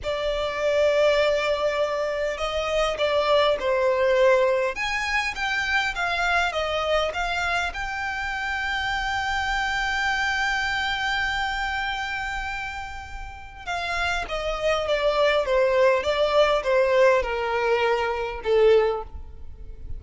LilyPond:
\new Staff \with { instrumentName = "violin" } { \time 4/4 \tempo 4 = 101 d''1 | dis''4 d''4 c''2 | gis''4 g''4 f''4 dis''4 | f''4 g''2.~ |
g''1~ | g''2. f''4 | dis''4 d''4 c''4 d''4 | c''4 ais'2 a'4 | }